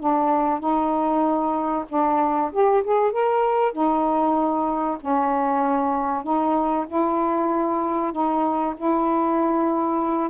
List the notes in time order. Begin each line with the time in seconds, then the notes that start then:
0.00 D4
0.60 D#4
1.89 D4
2.52 G4
2.84 G#4
3.12 A#4
3.73 D#4
5.01 C#4
6.23 D#4
6.88 E4
8.12 D#4
8.77 E4